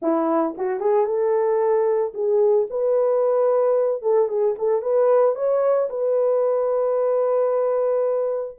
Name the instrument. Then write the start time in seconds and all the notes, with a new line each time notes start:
horn
0.01 E4
0.57 F#4
0.80 G#4
1.06 A4
2.14 G#4
2.70 B4
4.02 A4
4.28 G#4
4.58 A4
4.82 B4
5.35 C#5
5.89 B4